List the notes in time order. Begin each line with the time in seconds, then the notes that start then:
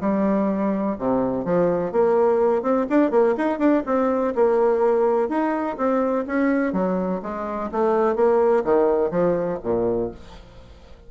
0.00 G3
0.98 C3
1.44 F3
1.92 A#3
2.62 C4
2.89 D4
3.10 A#3
3.37 D#4
3.59 D4
3.86 C4
4.35 A#3
5.28 D#4
5.77 C4
6.27 C#4
6.72 F#3
7.22 G#3
7.71 A3
8.15 A#3
8.64 D#3
9.10 F3
9.63 A#2